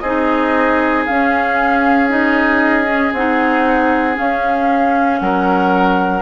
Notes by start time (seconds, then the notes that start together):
0.00 C4 D#4 G#4 D#5
1.06 C#4 F5
2.09 D#4 D#5
2.85 C#4
3.13 C4 D#4 F#5
4.15 C#4 F5
5.20 F#3 A#4 F#5